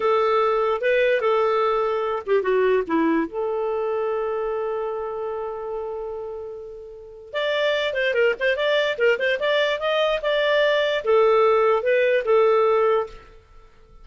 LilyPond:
\new Staff \with { instrumentName = "clarinet" } { \time 4/4 \tempo 4 = 147 a'2 b'4 a'4~ | a'4. g'8 fis'4 e'4 | a'1~ | a'1~ |
a'2 d''4. c''8 | ais'8 c''8 d''4 ais'8 c''8 d''4 | dis''4 d''2 a'4~ | a'4 b'4 a'2 | }